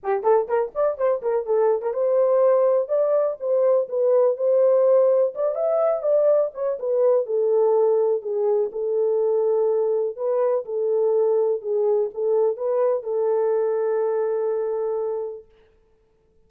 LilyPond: \new Staff \with { instrumentName = "horn" } { \time 4/4 \tempo 4 = 124 g'8 a'8 ais'8 d''8 c''8 ais'8 a'8. ais'16 | c''2 d''4 c''4 | b'4 c''2 d''8 e''8~ | e''8 d''4 cis''8 b'4 a'4~ |
a'4 gis'4 a'2~ | a'4 b'4 a'2 | gis'4 a'4 b'4 a'4~ | a'1 | }